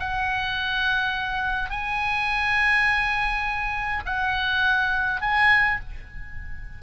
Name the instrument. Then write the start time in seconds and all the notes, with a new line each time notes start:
oboe
0.00 F#5
1.70 G#5
4.06 F#5
5.22 G#5